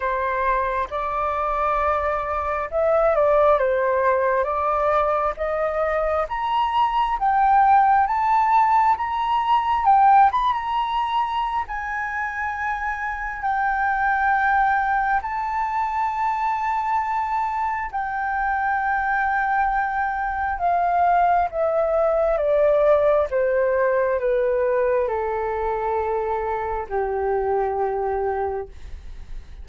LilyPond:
\new Staff \with { instrumentName = "flute" } { \time 4/4 \tempo 4 = 67 c''4 d''2 e''8 d''8 | c''4 d''4 dis''4 ais''4 | g''4 a''4 ais''4 g''8 b''16 ais''16~ | ais''4 gis''2 g''4~ |
g''4 a''2. | g''2. f''4 | e''4 d''4 c''4 b'4 | a'2 g'2 | }